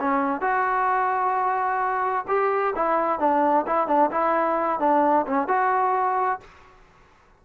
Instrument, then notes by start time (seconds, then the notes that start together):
trombone
0.00 C#4
0.41 F#4
2.28 G4
2.75 E4
3.19 D4
3.67 E4
3.87 D4
4.11 E4
4.79 D4
5.26 C#4
5.48 F#4